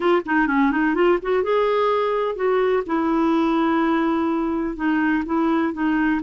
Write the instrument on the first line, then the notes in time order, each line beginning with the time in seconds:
clarinet
0.00 F4
0.25 D#4
0.47 C#4
0.71 D#4
0.94 F4
1.21 F#4
1.43 G#4
2.35 F#4
2.86 E4
4.76 D#4
5.25 E4
5.73 D#4